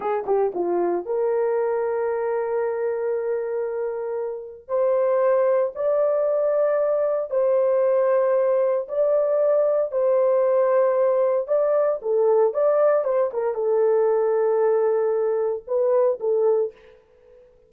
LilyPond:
\new Staff \with { instrumentName = "horn" } { \time 4/4 \tempo 4 = 115 gis'8 g'8 f'4 ais'2~ | ais'1~ | ais'4 c''2 d''4~ | d''2 c''2~ |
c''4 d''2 c''4~ | c''2 d''4 a'4 | d''4 c''8 ais'8 a'2~ | a'2 b'4 a'4 | }